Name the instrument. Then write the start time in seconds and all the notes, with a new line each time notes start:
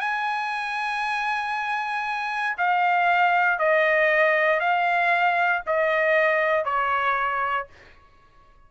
trumpet
0.00 G#5
2.58 F5
3.59 D#5
4.60 F5
5.66 D#5
6.64 C#5